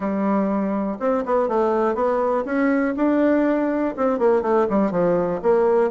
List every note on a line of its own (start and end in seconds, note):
0.00 0.97 G3
0.99 1.24 C4
1.25 1.48 B3
1.48 1.94 A3
1.94 2.44 B3
2.45 2.94 C#4
2.96 3.94 D4
3.96 4.18 C4
4.18 4.42 A#3
4.42 4.66 A3
4.69 4.91 G3
4.91 5.40 F3
5.42 5.90 A#3